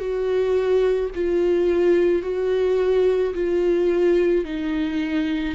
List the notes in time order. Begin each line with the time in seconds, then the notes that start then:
0.00 F#4
1.15 F4
2.23 F#4
3.34 F4
4.45 D#4